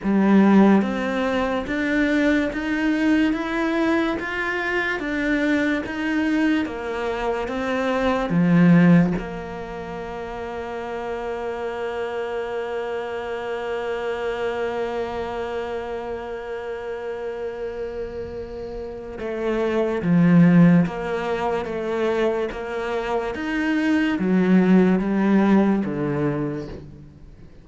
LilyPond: \new Staff \with { instrumentName = "cello" } { \time 4/4 \tempo 4 = 72 g4 c'4 d'4 dis'4 | e'4 f'4 d'4 dis'4 | ais4 c'4 f4 ais4~ | ais1~ |
ais1~ | ais2. a4 | f4 ais4 a4 ais4 | dis'4 fis4 g4 d4 | }